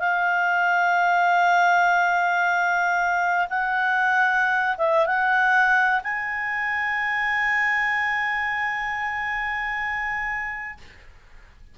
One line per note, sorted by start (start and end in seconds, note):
0.00 3.47 F5
3.50 4.76 F#5
4.78 5.06 E5
5.06 6.01 F#5
6.04 10.78 G#5